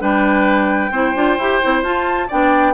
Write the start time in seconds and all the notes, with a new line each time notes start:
0.00 G3 D4 B4 G5
0.91 C4 E4 C5
1.16 D4 F4
1.38 E4 G4
1.62 C4 E4
1.82 F4 A5
2.28 B3 D4 D5 G5